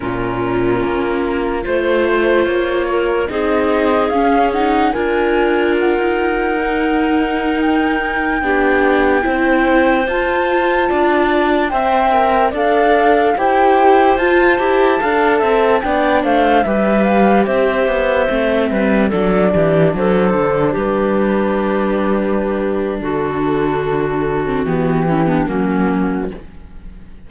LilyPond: <<
  \new Staff \with { instrumentName = "flute" } { \time 4/4 \tempo 4 = 73 ais'2 c''4 cis''4 | dis''4 f''8 fis''8 gis''4 fis''4~ | fis''4~ fis''16 g''2~ g''8.~ | g''16 a''2 g''4 f''8.~ |
f''16 g''4 a''2 g''8 f''16~ | f''16 e''8 f''8 e''2 d''8.~ | d''16 c''4 b'2~ b'8. | a'2 g'4 fis'4 | }
  \new Staff \with { instrumentName = "clarinet" } { \time 4/4 f'2 c''4. ais'8 | gis'2 ais'2~ | ais'2~ ais'16 g'4 c''8.~ | c''4~ c''16 d''4 e''4 d''8.~ |
d''16 c''2 f''8 e''8 d''8 c''16~ | c''16 b'4 c''4. b'8 a'8 g'16~ | g'16 a'4 g'2~ g'8. | fis'2~ fis'8 e'16 d'16 cis'4 | }
  \new Staff \with { instrumentName = "viola" } { \time 4/4 cis'2 f'2 | dis'4 cis'8 dis'8 f'2 | dis'2~ dis'16 d'4 e'8.~ | e'16 f'2 c''8 ais'8 a'8.~ |
a'16 g'4 f'8 g'8 a'4 d'8.~ | d'16 g'2 c'4 d'8.~ | d'1~ | d'4.~ d'16 c'16 b8 cis'16 b16 ais4 | }
  \new Staff \with { instrumentName = "cello" } { \time 4/4 ais,4 ais4 a4 ais4 | c'4 cis'4 d'4~ d'16 dis'8.~ | dis'2~ dis'16 b4 c'8.~ | c'16 f'4 d'4 c'4 d'8.~ |
d'16 e'4 f'8 e'8 d'8 c'8 b8 a16~ | a16 g4 c'8 b8 a8 g8 fis8 e16~ | e16 fis8 d8 g2~ g8. | d2 e4 fis4 | }
>>